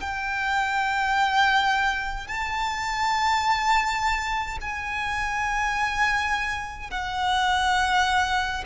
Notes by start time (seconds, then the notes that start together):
0.00 G5
2.27 A5
4.60 G#5
6.91 F#5